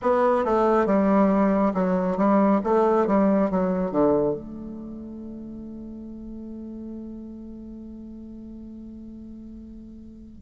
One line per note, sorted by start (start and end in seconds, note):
0.02 0.44 B3
0.44 0.85 A3
0.85 1.72 G3
1.74 2.17 F#3
2.17 2.60 G3
2.63 3.07 A3
3.07 3.50 G3
3.50 3.91 F#3
3.91 4.34 D3
4.34 10.41 A3